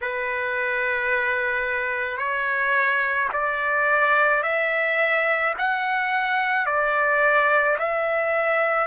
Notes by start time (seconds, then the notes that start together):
0.01 B4
2.17 C#5
3.32 D5
4.42 E5
5.58 F#5
6.66 D5
7.78 E5